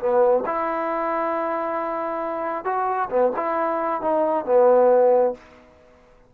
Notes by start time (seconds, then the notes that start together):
0.00 B3
0.46 E4
2.65 F#4
3.10 B3
3.37 E4
4.02 D#4
4.46 B3